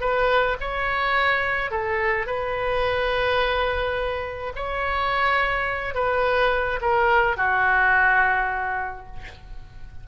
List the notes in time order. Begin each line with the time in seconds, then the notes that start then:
0.00 B4
0.60 C#5
1.71 A4
2.26 B4
4.55 C#5
5.94 B4
6.81 A#4
7.36 F#4